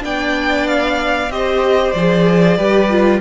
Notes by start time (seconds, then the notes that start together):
0.00 B3 D4 D5 G5
0.68 F5
1.30 C4 G4 C5 D#5
1.92 F3 G#4 D5
2.57 G3 G4 B4
2.90 F4